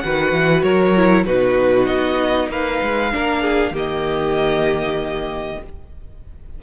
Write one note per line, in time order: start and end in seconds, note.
0.00 0.32 D#3
0.00 0.97 F#4
0.00 0.64 B4
0.00 0.62 F#5
0.32 0.63 E3
0.63 1.26 F#3
0.63 1.26 A#4
0.63 1.25 C#5
0.97 1.27 E4
1.26 1.88 B2
1.26 3.12 D#4
1.26 2.50 F#4
1.26 1.87 B4
1.87 2.50 B3
1.87 2.49 D#5
2.50 2.81 A#3
2.50 3.13 B4
2.50 3.76 F5
2.82 3.13 G#3
3.12 3.71 A#3
3.12 3.74 D4
3.12 3.42 A#4
3.42 3.73 G#4
3.71 5.57 D#3
3.71 5.60 A#3
3.71 5.59 G4
3.77 5.63 D#5